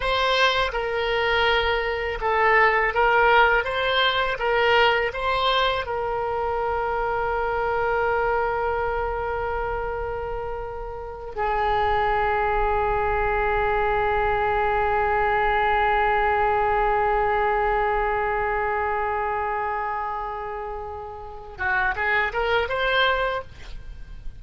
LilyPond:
\new Staff \with { instrumentName = "oboe" } { \time 4/4 \tempo 4 = 82 c''4 ais'2 a'4 | ais'4 c''4 ais'4 c''4 | ais'1~ | ais'2.~ ais'8 gis'8~ |
gis'1~ | gis'1~ | gis'1~ | gis'4. fis'8 gis'8 ais'8 c''4 | }